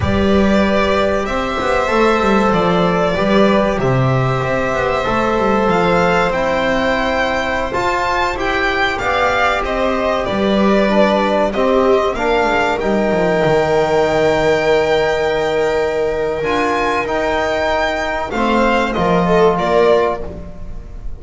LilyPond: <<
  \new Staff \with { instrumentName = "violin" } { \time 4/4 \tempo 4 = 95 d''2 e''2 | d''2 e''2~ | e''4 f''4 g''2~ | g''16 a''4 g''4 f''4 dis''8.~ |
dis''16 d''2 dis''4 f''8.~ | f''16 g''2.~ g''8.~ | g''2 gis''4 g''4~ | g''4 f''4 dis''4 d''4 | }
  \new Staff \with { instrumentName = "viola" } { \time 4/4 b'2 c''2~ | c''4 b'4 c''2~ | c''1~ | c''2~ c''16 d''4 c''8.~ |
c''16 b'2 g'4 ais'8.~ | ais'1~ | ais'1~ | ais'4 c''4 ais'8 a'8 ais'4 | }
  \new Staff \with { instrumentName = "trombone" } { \time 4/4 g'2. a'4~ | a'4 g'2. | a'2 e'2~ | e'16 f'4 g'2~ g'8.~ |
g'4~ g'16 d'4 c'4 d'8.~ | d'16 dis'2.~ dis'8.~ | dis'2 f'4 dis'4~ | dis'4 c'4 f'2 | }
  \new Staff \with { instrumentName = "double bass" } { \time 4/4 g2 c'8 b8 a8 g8 | f4 g4 c4 c'8 b8 | a8 g8 f4 c'2~ | c'16 f'4 e'4 b4 c'8.~ |
c'16 g2 c'4 ais8 gis16~ | gis16 g8 f8 dis2~ dis8.~ | dis2 d'4 dis'4~ | dis'4 a4 f4 ais4 | }
>>